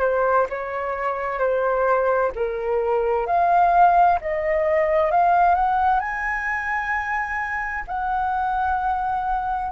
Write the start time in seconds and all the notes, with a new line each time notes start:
0.00 C5
0.49 C#5
1.38 C5
2.35 A#4
3.26 F5
4.21 D#5
5.11 F5
5.55 F#5
6.00 G#5
7.87 F#5